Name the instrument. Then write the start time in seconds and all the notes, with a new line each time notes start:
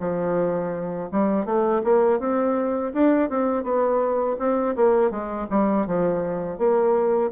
bassoon
0.00 F3
1.11 G3
1.45 A3
1.84 A#3
2.20 C4
2.94 D4
3.30 C4
3.64 B3
4.39 C4
4.76 A#3
5.11 G#3
5.50 G3
5.87 F3
6.59 A#3